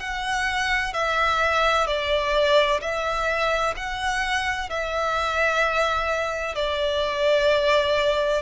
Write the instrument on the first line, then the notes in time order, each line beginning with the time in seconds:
violin
0.00 F#5
0.94 E5
1.87 D5
2.81 E5
3.77 F#5
4.70 E5
6.56 D5